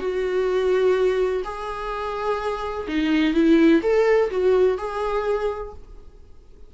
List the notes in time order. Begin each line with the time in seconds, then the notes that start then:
0.00 F#4
1.45 G#4
2.88 D#4
3.34 E4
3.83 A4
4.31 F#4
4.78 G#4